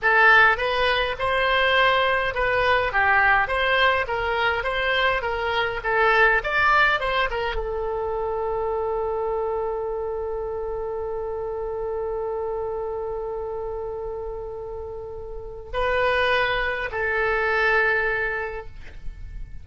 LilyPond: \new Staff \with { instrumentName = "oboe" } { \time 4/4 \tempo 4 = 103 a'4 b'4 c''2 | b'4 g'4 c''4 ais'4 | c''4 ais'4 a'4 d''4 | c''8 ais'8 a'2.~ |
a'1~ | a'1~ | a'2. b'4~ | b'4 a'2. | }